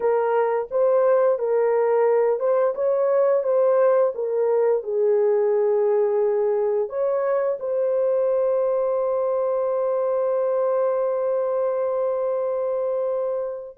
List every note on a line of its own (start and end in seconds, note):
0.00 0.68 A#4
0.70 1.39 C5
1.39 2.39 A#4
2.39 2.74 C5
2.74 3.43 C#5
3.43 4.12 C5
4.14 4.83 A#4
4.83 6.89 G#4
6.89 7.58 C#5
7.59 13.77 C5